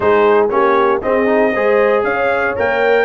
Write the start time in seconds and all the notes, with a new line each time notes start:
0.00 G#3 D#4 G#4 C5
0.49 A#3 C#4 G4 C#5
1.02 C4 G#4 D#5
1.25 D#4
1.52 G#3 G#4 C5
2.03 C#4 C#5 F5
2.56 A#3 A#4 G5